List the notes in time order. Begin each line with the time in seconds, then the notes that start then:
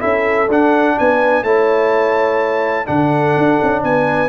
0.00 C#4 E4 A4 E5
0.49 D4 F#5
0.99 B3 B4 G#5
1.43 A3 E4 C#5 A5
2.86 D3 D4 A4 F#5
3.37 D4
3.63 C#4
3.83 B3 B4 G#5